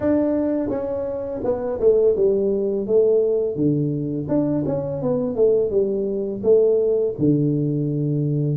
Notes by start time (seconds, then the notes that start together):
0.00 D4
0.69 C#4
1.44 B3
1.80 A3
2.16 G3
2.86 A3
3.55 D3
4.28 D4
4.66 C#4
5.02 B3
5.35 A3
5.70 G3
6.43 A3
7.18 D3